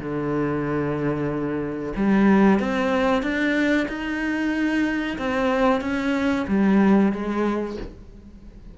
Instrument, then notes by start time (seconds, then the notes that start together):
cello
0.00 D3
1.97 G3
2.60 C4
3.23 D4
3.89 D#4
5.19 C4
5.82 C#4
6.48 G3
7.13 G#3